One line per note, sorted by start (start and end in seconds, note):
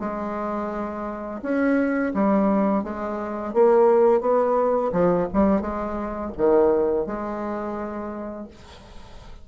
0.00 1.41 G#3
1.43 2.13 C#4
2.14 2.84 G3
2.84 3.54 G#3
3.54 4.21 A#3
4.21 4.92 B3
4.93 5.28 F3
5.34 5.62 G3
5.62 6.32 G#3
6.38 7.07 D#3
7.07 8.48 G#3